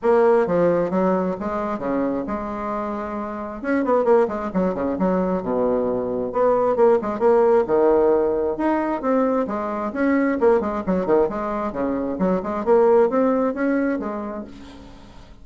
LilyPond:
\new Staff \with { instrumentName = "bassoon" } { \time 4/4 \tempo 4 = 133 ais4 f4 fis4 gis4 | cis4 gis2. | cis'8 b8 ais8 gis8 fis8 cis8 fis4 | b,2 b4 ais8 gis8 |
ais4 dis2 dis'4 | c'4 gis4 cis'4 ais8 gis8 | fis8 dis8 gis4 cis4 fis8 gis8 | ais4 c'4 cis'4 gis4 | }